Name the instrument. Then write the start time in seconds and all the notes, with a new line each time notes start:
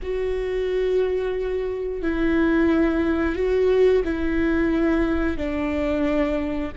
viola
0.02 F#4
2.01 E4
3.35 F#4
4.04 E4
5.37 D4